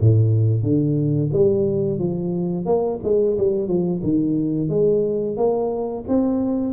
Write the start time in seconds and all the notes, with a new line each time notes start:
0.00 A2
0.63 D3
1.33 G3
1.99 F3
2.65 A#3
3.03 G#3
3.38 G3
3.67 F3
4.03 D#3
4.69 G#3
5.37 A#3
6.08 C4